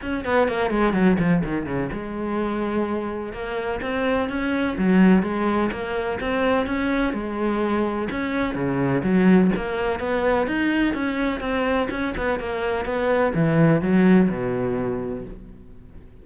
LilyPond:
\new Staff \with { instrumentName = "cello" } { \time 4/4 \tempo 4 = 126 cis'8 b8 ais8 gis8 fis8 f8 dis8 cis8 | gis2. ais4 | c'4 cis'4 fis4 gis4 | ais4 c'4 cis'4 gis4~ |
gis4 cis'4 cis4 fis4 | ais4 b4 dis'4 cis'4 | c'4 cis'8 b8 ais4 b4 | e4 fis4 b,2 | }